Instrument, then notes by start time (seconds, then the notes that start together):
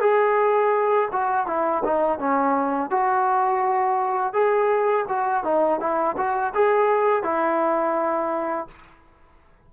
trombone
0.00 G#4
1.12 F#4
1.47 E4
1.84 D#4
2.19 C#4
2.90 F#4
4.33 G#4
5.08 F#4
5.44 D#4
5.80 E4
6.17 F#4
6.54 G#4
7.23 E4